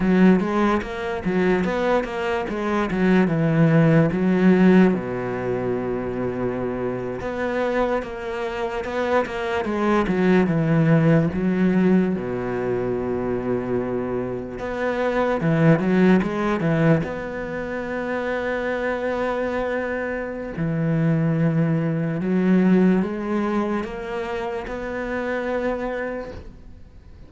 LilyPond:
\new Staff \with { instrumentName = "cello" } { \time 4/4 \tempo 4 = 73 fis8 gis8 ais8 fis8 b8 ais8 gis8 fis8 | e4 fis4 b,2~ | b,8. b4 ais4 b8 ais8 gis16~ | gis16 fis8 e4 fis4 b,4~ b,16~ |
b,4.~ b,16 b4 e8 fis8 gis16~ | gis16 e8 b2.~ b16~ | b4 e2 fis4 | gis4 ais4 b2 | }